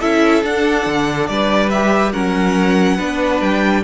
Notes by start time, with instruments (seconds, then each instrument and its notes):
0.00 cello C#4, viola E4, violin A4 E5
0.43 cello D4, viola D4, violin F#5
0.86 cello D3
1.27 cello G3, violin B4 D5
1.70 viola G4, violin E5
2.12 cello F#3, viola C#4, violin A#4 F#5
2.96 cello B3, viola D4, violin B4
3.41 cello G3, violin G5